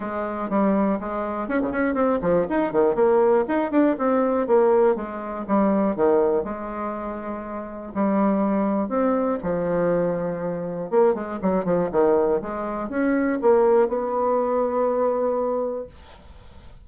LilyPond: \new Staff \with { instrumentName = "bassoon" } { \time 4/4 \tempo 4 = 121 gis4 g4 gis4 cis'16 cis16 cis'8 | c'8 f8 dis'8 dis8 ais4 dis'8 d'8 | c'4 ais4 gis4 g4 | dis4 gis2. |
g2 c'4 f4~ | f2 ais8 gis8 fis8 f8 | dis4 gis4 cis'4 ais4 | b1 | }